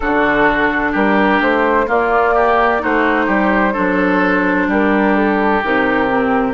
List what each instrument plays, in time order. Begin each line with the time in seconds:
0.00 bassoon D3, clarinet D4, oboe F#4, flute A4
0.92 bassoon G3, oboe G4, flute A#4
1.40 bassoon A3, flute C5
1.87 clarinet A#3, bassoon A#3, oboe F4, flute D5
2.34 oboe G4
2.79 bassoon A3, clarinet D#4, oboe F#4, flute C5
3.26 bassoon G3, oboe G4
3.73 bassoon F#3, clarinet D4, oboe A4
4.67 bassoon G3, oboe G4, flute A#4
5.16 flute A4
5.63 bassoon C3, clarinet D#4, flute A#4
6.08 clarinet C4